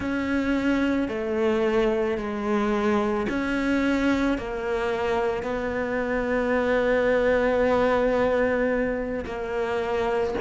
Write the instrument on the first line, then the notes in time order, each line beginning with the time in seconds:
cello
0.00 C#4
1.08 A3
2.17 G#3
3.29 C#4
4.38 A#3
5.42 B3
9.25 A#3